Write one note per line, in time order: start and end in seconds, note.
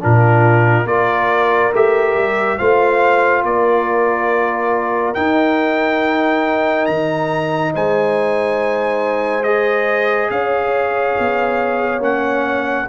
0.00 0.86 A#2
0.00 0.86 D4
0.00 0.87 F4
0.00 0.87 A#4
0.86 1.71 A#3
0.86 1.72 F4
0.86 2.58 A#4
0.86 1.73 D5
1.73 2.16 A3
1.73 2.59 G4
1.73 2.58 E5
2.16 2.58 G3
2.58 3.44 A3
2.58 5.15 F4
2.58 3.44 C5
2.58 3.44 F5
3.44 5.15 A#3
3.44 7.73 A#4
3.44 5.15 D5
5.15 9.44 D#4
5.15 6.88 D#4
5.15 6.86 G5
6.86 7.74 D#3
6.86 7.72 A#5
7.73 10.31 G#3
7.73 10.30 C5
7.73 9.44 G#5
9.44 12.01 G#4
9.44 10.30 D#5
10.31 11.16 C#4
10.31 12.89 C#5
10.31 12.02 F5
11.19 11.99 B3
11.99 12.85 A#3
11.99 12.86 C#4
11.99 12.89 F#5